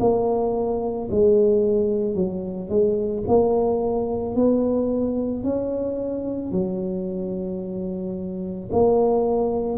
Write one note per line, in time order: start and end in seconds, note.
0.00 1.09 A#3
1.11 2.15 G#3
2.15 2.69 F#3
2.69 3.24 G#3
3.28 4.35 A#3
4.35 5.43 B3
5.43 6.52 C#4
6.52 8.70 F#3
8.72 9.78 A#3